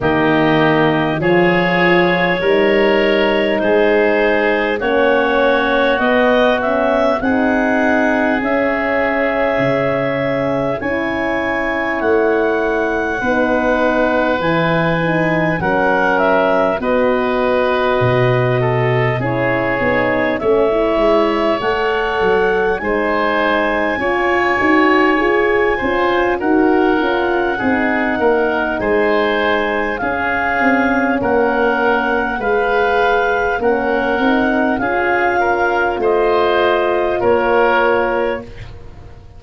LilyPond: <<
  \new Staff \with { instrumentName = "clarinet" } { \time 4/4 \tempo 4 = 50 dis''4 cis''2 c''4 | cis''4 dis''8 e''8 fis''4 e''4~ | e''4 gis''4 fis''2 | gis''4 fis''8 e''8 dis''2 |
cis''4 e''4 fis''4 gis''4~ | gis''2 fis''2 | gis''4 f''4 fis''4 f''4 | fis''4 f''4 dis''4 cis''4 | }
  \new Staff \with { instrumentName = "oboe" } { \time 4/4 g'4 gis'4 ais'4 gis'4 | fis'2 gis'2~ | gis'4 cis''2 b'4~ | b'4 ais'4 b'4. a'8 |
gis'4 cis''2 c''4 | cis''4. c''8 ais'4 gis'8 ais'8 | c''4 gis'4 ais'4 b'4 | ais'4 gis'8 ais'8 c''4 ais'4 | }
  \new Staff \with { instrumentName = "horn" } { \time 4/4 ais4 f'4 dis'2 | cis'4 b8 cis'8 dis'4 cis'4~ | cis'4 e'2 dis'4 | e'8 dis'8 cis'4 fis'2 |
e'8 dis'8 cis'16 e'8. a'4 dis'4 | f'8 fis'8 gis'8 f'8 fis'8 f'8 dis'4~ | dis'4 cis'2 gis'4 | cis'8 dis'8 f'2. | }
  \new Staff \with { instrumentName = "tuba" } { \time 4/4 dis4 f4 g4 gis4 | ais4 b4 c'4 cis'4 | cis4 cis'4 a4 b4 | e4 fis4 b4 b,4 |
cis'8 b8 a8 gis8 a8 fis8 gis4 | cis'8 dis'8 f'8 cis'8 dis'8 cis'8 c'8 ais8 | gis4 cis'8 c'8 ais4 gis4 | ais8 c'8 cis'4 a4 ais4 | }
>>